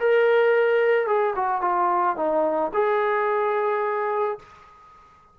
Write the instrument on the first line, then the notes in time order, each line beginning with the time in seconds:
trombone
0.00 A#4
1.07 G#4
1.36 F#4
1.62 F4
2.17 D#4
2.74 G#4